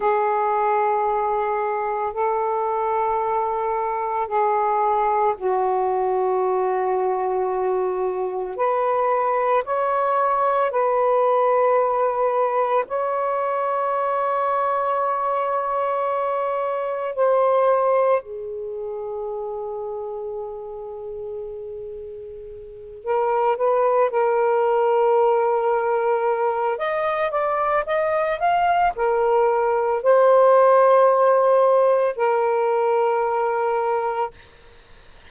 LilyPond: \new Staff \with { instrumentName = "saxophone" } { \time 4/4 \tempo 4 = 56 gis'2 a'2 | gis'4 fis'2. | b'4 cis''4 b'2 | cis''1 |
c''4 gis'2.~ | gis'4. ais'8 b'8 ais'4.~ | ais'4 dis''8 d''8 dis''8 f''8 ais'4 | c''2 ais'2 | }